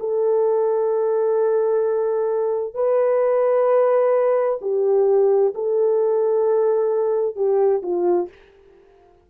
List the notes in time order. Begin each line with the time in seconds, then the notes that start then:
0.00 A4
2.74 B4
4.62 G4
5.55 A4
7.36 G4
7.83 F4